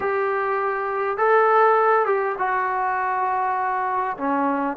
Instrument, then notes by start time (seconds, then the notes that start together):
trombone
0.00 G4
1.17 A4
2.05 G4
2.38 F#4
4.17 C#4